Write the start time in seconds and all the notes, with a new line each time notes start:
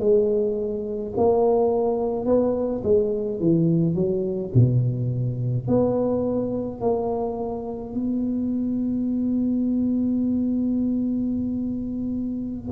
0.00 G#3
1.17 A#3
2.26 B3
2.84 G#3
3.40 E3
3.95 F#3
4.55 B2
5.68 B3
6.81 A#3
7.95 B3